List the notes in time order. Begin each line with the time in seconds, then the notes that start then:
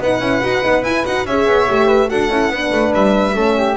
0.00 B3 D#4 B4 F#5
0.20 C#4 E4
0.42 D#4 F#4
0.63 B3 D#4
0.83 E4 G#5
1.06 D#4 F#4 F#5
1.26 C#4 G#4 C#5 E5
1.47 B3
1.68 A3 G4
1.87 B4
2.09 D4 F#4 A4 F#5
2.30 C#4 E4
2.50 B3 D4 B4
2.72 A3
2.94 G3 E5
3.34 A3 C#4 A4
3.58 G4